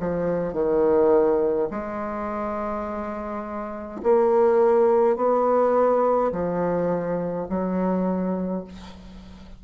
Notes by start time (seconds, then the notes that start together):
0.00 F3
0.53 D#3
1.71 G#3
4.03 A#3
5.16 B3
6.32 F3
7.49 F#3